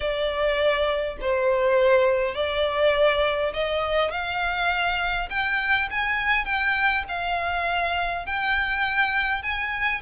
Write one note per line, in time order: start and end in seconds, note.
0.00 1.17 D5
1.20 2.34 C5
2.34 3.52 D5
3.53 4.11 D#5
4.11 5.29 F5
5.30 5.89 G5
5.90 6.45 G#5
6.45 7.03 G5
7.08 8.25 F5
8.26 9.42 G5
9.42 10.01 G#5